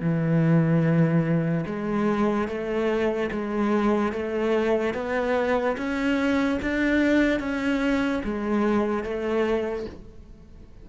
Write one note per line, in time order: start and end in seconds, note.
0.00 1.64 E3
1.66 2.48 G#3
2.48 3.30 A3
3.31 4.12 G#3
4.12 4.94 A3
4.94 5.76 B3
5.77 6.59 C#4
6.61 7.39 D4
7.39 8.22 C#4
8.23 9.03 G#3
9.03 9.85 A3